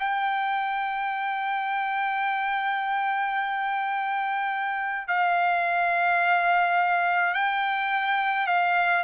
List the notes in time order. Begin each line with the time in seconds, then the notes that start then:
0.00 G5
5.08 F5
7.34 G5
8.47 F5